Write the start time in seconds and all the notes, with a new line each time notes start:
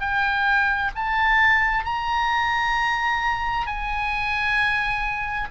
0.00 G5
0.95 A5
1.85 A#5
3.67 G#5